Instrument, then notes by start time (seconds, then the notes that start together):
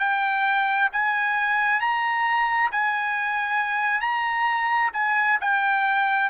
trumpet
0.00 G5
0.93 G#5
1.81 A#5
2.72 G#5
4.01 A#5
4.93 G#5
5.41 G5